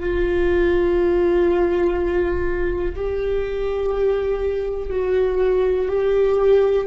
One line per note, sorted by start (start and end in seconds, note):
0.00 2.95 F4
2.96 4.90 G4
4.90 5.89 F#4
5.89 6.87 G4